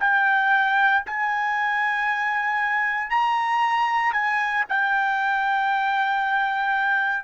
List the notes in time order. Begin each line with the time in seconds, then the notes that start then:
0.00 G5
1.06 G#5
3.10 A#5
4.13 G#5
4.69 G5